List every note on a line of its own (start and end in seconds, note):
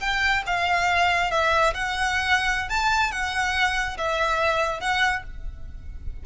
0.00 0.43 G5
0.46 1.31 F5
1.31 1.74 E5
1.74 2.69 F#5
2.69 3.11 A5
3.11 3.97 F#5
3.97 4.80 E5
4.80 5.23 F#5